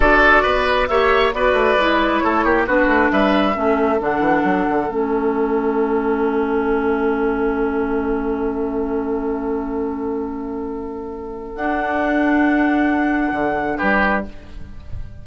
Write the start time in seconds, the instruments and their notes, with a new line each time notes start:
0.00 bassoon D4, clarinet F#4, oboe A4, flute D5
0.42 bassoon B3, oboe B4
0.87 bassoon A#3, clarinet G4, oboe C#5, flute E5
1.33 bassoon B3, clarinet F#4, oboe B4, flute D5
1.53 bassoon A3
1.77 bassoon G#3, clarinet E4
2.19 bassoon A3, oboe A4, flute C#5
2.44 bassoon A#3, oboe G4
2.66 bassoon B3, clarinet D4, oboe F#4, flute B4
2.86 bassoon A3
3.11 bassoon G3, oboe B4, flute E5
3.54 bassoon A3, clarinet C#4, oboe A4
3.98 bassoon D3, clarinet D4, flute F#5
4.19 bassoon E3
4.44 bassoon F#3
4.69 bassoon D3
4.88 bassoon A3, clarinet C#4, flute E5
11.55 bassoon D4, clarinet D4, flute F#5
13.31 bassoon D3
13.77 bassoon G3, oboe G4, flute B4